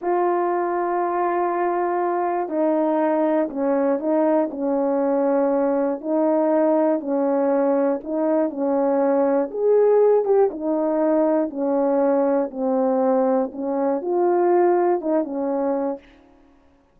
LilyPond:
\new Staff \with { instrumentName = "horn" } { \time 4/4 \tempo 4 = 120 f'1~ | f'4 dis'2 cis'4 | dis'4 cis'2. | dis'2 cis'2 |
dis'4 cis'2 gis'4~ | gis'8 g'8 dis'2 cis'4~ | cis'4 c'2 cis'4 | f'2 dis'8 cis'4. | }